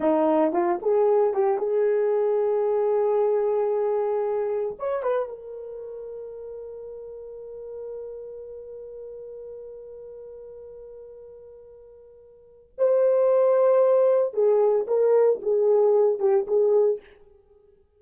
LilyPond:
\new Staff \with { instrumentName = "horn" } { \time 4/4 \tempo 4 = 113 dis'4 f'8 gis'4 g'8 gis'4~ | gis'1~ | gis'4 cis''8 b'8 ais'2~ | ais'1~ |
ais'1~ | ais'1 | c''2. gis'4 | ais'4 gis'4. g'8 gis'4 | }